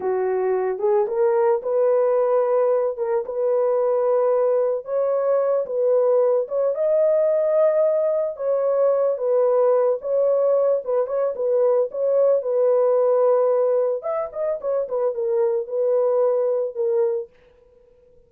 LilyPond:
\new Staff \with { instrumentName = "horn" } { \time 4/4 \tempo 4 = 111 fis'4. gis'8 ais'4 b'4~ | b'4. ais'8 b'2~ | b'4 cis''4. b'4. | cis''8 dis''2. cis''8~ |
cis''4 b'4. cis''4. | b'8 cis''8 b'4 cis''4 b'4~ | b'2 e''8 dis''8 cis''8 b'8 | ais'4 b'2 ais'4 | }